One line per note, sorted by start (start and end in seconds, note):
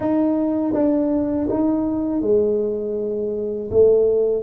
0.00 0.73 D#4
0.73 1.47 D4
1.49 2.21 D#4
2.21 3.69 G#3
3.70 4.42 A3